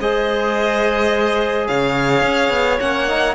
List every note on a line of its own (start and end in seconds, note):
0.00 1.68 G#3
0.00 2.80 G#4
0.00 1.69 C5
0.00 1.67 D#5
1.67 2.22 C#3
1.67 3.35 C#5
1.67 2.79 F5
2.22 2.50 C#4
2.50 2.78 B3
2.80 3.35 A#3
2.80 3.08 C#4
2.80 3.35 F#5
3.08 3.35 D#4